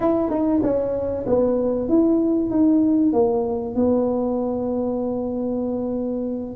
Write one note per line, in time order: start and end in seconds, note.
0.00 0.30 E4
0.30 0.61 D#4
0.62 1.25 C#4
1.26 1.88 B3
1.88 2.50 E4
2.50 3.12 D#4
3.12 3.75 A#3
3.75 6.55 B3